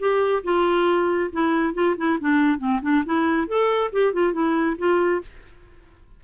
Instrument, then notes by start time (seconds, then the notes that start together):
clarinet
0.00 G4
0.44 F4
1.33 E4
1.75 F4
1.97 E4
2.21 D4
2.59 C4
2.83 D4
3.06 E4
3.48 A4
3.93 G4
4.14 F4
4.33 E4
4.78 F4